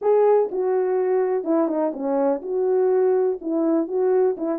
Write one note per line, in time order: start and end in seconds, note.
0.01 0.49 G#4
0.51 1.44 F#4
1.44 1.68 E4
1.68 1.92 D#4
1.93 2.41 C#4
2.41 3.38 F#4
3.41 3.87 E4
3.87 4.35 F#4
4.37 4.59 E4